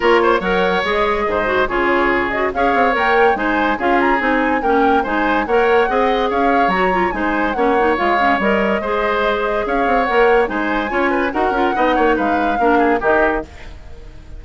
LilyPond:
<<
  \new Staff \with { instrumentName = "flute" } { \time 4/4 \tempo 4 = 143 cis''4 fis''4 dis''2 | cis''4. dis''8 f''4 g''4 | gis''4 f''8 ais''8 gis''4 g''4 | gis''4 fis''2 f''4 |
ais''4 gis''4 fis''4 f''4 | dis''2. f''4 | fis''4 gis''2 fis''4~ | fis''4 f''2 dis''4 | }
  \new Staff \with { instrumentName = "oboe" } { \time 4/4 ais'8 c''8 cis''2 c''4 | gis'2 cis''2 | c''4 gis'2 ais'4 | c''4 cis''4 dis''4 cis''4~ |
cis''4 c''4 cis''2~ | cis''4 c''2 cis''4~ | cis''4 c''4 cis''8 b'8 ais'4 | dis''8 cis''8 b'4 ais'8 gis'8 g'4 | }
  \new Staff \with { instrumentName = "clarinet" } { \time 4/4 f'4 ais'4 gis'4. fis'8 | f'4. fis'8 gis'4 ais'4 | dis'4 f'4 dis'4 cis'4 | dis'4 ais'4 gis'2 |
fis'8 f'8 dis'4 cis'8 dis'8 f'8 cis'8 | ais'4 gis'2. | ais'4 dis'4 f'4 fis'8 f'8 | dis'2 d'4 dis'4 | }
  \new Staff \with { instrumentName = "bassoon" } { \time 4/4 ais4 fis4 gis4 gis,4 | cis2 cis'8 c'8 ais4 | gis4 cis'4 c'4 ais4 | gis4 ais4 c'4 cis'4 |
fis4 gis4 ais4 gis4 | g4 gis2 cis'8 c'8 | ais4 gis4 cis'4 dis'8 cis'8 | b8 ais8 gis4 ais4 dis4 | }
>>